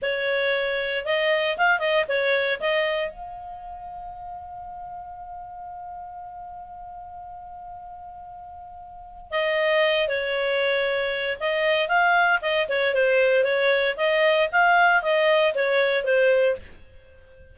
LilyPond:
\new Staff \with { instrumentName = "clarinet" } { \time 4/4 \tempo 4 = 116 cis''2 dis''4 f''8 dis''8 | cis''4 dis''4 f''2~ | f''1~ | f''1~ |
f''2 dis''4. cis''8~ | cis''2 dis''4 f''4 | dis''8 cis''8 c''4 cis''4 dis''4 | f''4 dis''4 cis''4 c''4 | }